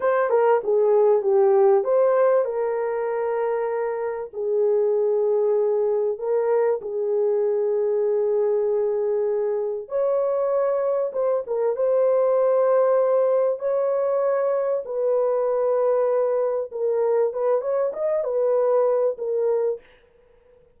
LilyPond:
\new Staff \with { instrumentName = "horn" } { \time 4/4 \tempo 4 = 97 c''8 ais'8 gis'4 g'4 c''4 | ais'2. gis'4~ | gis'2 ais'4 gis'4~ | gis'1 |
cis''2 c''8 ais'8 c''4~ | c''2 cis''2 | b'2. ais'4 | b'8 cis''8 dis''8 b'4. ais'4 | }